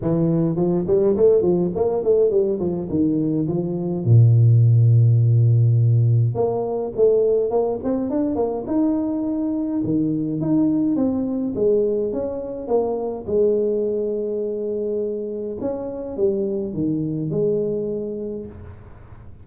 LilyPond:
\new Staff \with { instrumentName = "tuba" } { \time 4/4 \tempo 4 = 104 e4 f8 g8 a8 f8 ais8 a8 | g8 f8 dis4 f4 ais,4~ | ais,2. ais4 | a4 ais8 c'8 d'8 ais8 dis'4~ |
dis'4 dis4 dis'4 c'4 | gis4 cis'4 ais4 gis4~ | gis2. cis'4 | g4 dis4 gis2 | }